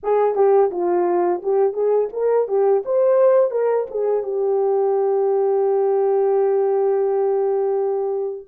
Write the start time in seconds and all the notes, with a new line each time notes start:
0.03 G#4
0.35 G4
0.71 F4
1.42 G4
1.73 G#4
2.12 A#4
2.47 G4
2.85 C5
3.51 A#4
3.90 G#4
4.23 G4